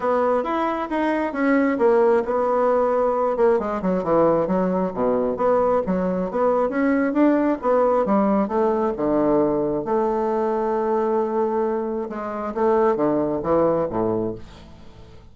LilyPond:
\new Staff \with { instrumentName = "bassoon" } { \time 4/4 \tempo 4 = 134 b4 e'4 dis'4 cis'4 | ais4 b2~ b8 ais8 | gis8 fis8 e4 fis4 b,4 | b4 fis4 b4 cis'4 |
d'4 b4 g4 a4 | d2 a2~ | a2. gis4 | a4 d4 e4 a,4 | }